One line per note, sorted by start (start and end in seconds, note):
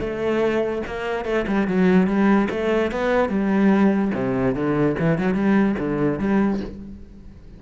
0.00 0.82 A3
0.87 1.25 A#3
1.25 1.46 A3
1.48 1.67 G3
1.67 2.07 F#3
2.07 2.48 G3
2.50 2.91 A3
2.91 3.29 B3
3.29 4.11 G3
4.14 4.55 C3
4.55 4.96 D3
5.00 5.18 E3
5.18 5.34 F#3
5.34 5.75 G3
5.79 6.19 D3
6.19 6.60 G3